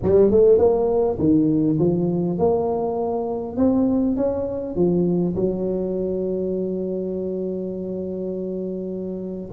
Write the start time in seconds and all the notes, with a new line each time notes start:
0.02 G3
0.30 A3
0.58 A#3
1.18 D#3
1.79 F3
2.38 A#3
3.56 C4
4.16 C#4
4.75 F3
5.35 F#3